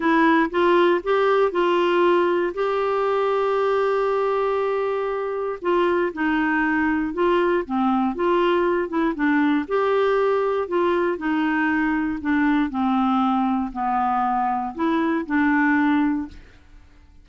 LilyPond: \new Staff \with { instrumentName = "clarinet" } { \time 4/4 \tempo 4 = 118 e'4 f'4 g'4 f'4~ | f'4 g'2.~ | g'2. f'4 | dis'2 f'4 c'4 |
f'4. e'8 d'4 g'4~ | g'4 f'4 dis'2 | d'4 c'2 b4~ | b4 e'4 d'2 | }